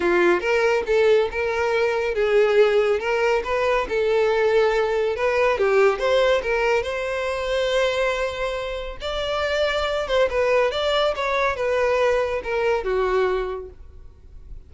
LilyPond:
\new Staff \with { instrumentName = "violin" } { \time 4/4 \tempo 4 = 140 f'4 ais'4 a'4 ais'4~ | ais'4 gis'2 ais'4 | b'4 a'2. | b'4 g'4 c''4 ais'4 |
c''1~ | c''4 d''2~ d''8 c''8 | b'4 d''4 cis''4 b'4~ | b'4 ais'4 fis'2 | }